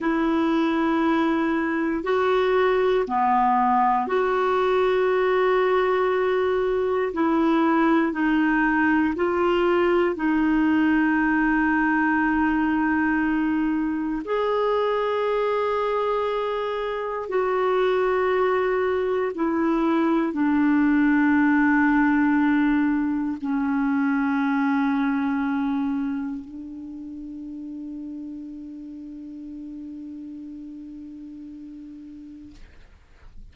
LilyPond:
\new Staff \with { instrumentName = "clarinet" } { \time 4/4 \tempo 4 = 59 e'2 fis'4 b4 | fis'2. e'4 | dis'4 f'4 dis'2~ | dis'2 gis'2~ |
gis'4 fis'2 e'4 | d'2. cis'4~ | cis'2 d'2~ | d'1 | }